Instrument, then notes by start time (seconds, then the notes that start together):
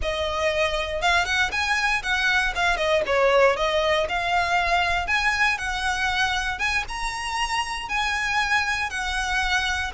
violin
0.01 D#5
1.01 F5
1.25 F#5
1.51 G#5
2.02 F#5
2.55 F5
2.76 D#5
3.06 C#5
3.56 D#5
4.08 F5
5.07 G#5
5.58 F#5
6.58 G#5
6.88 A#5
7.88 G#5
8.90 F#5